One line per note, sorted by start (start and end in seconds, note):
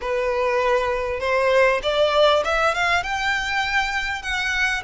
0.01 1.20 B4
1.20 1.80 C5
1.82 2.43 D5
2.44 2.74 E5
2.74 3.03 F5
3.03 4.22 G5
4.22 4.82 F#5